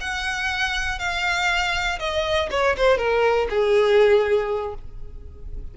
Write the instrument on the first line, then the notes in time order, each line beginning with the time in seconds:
violin
0.00 F#5
0.99 F5
1.99 D#5
2.50 C#5
2.77 C5
2.97 A#4
3.49 G#4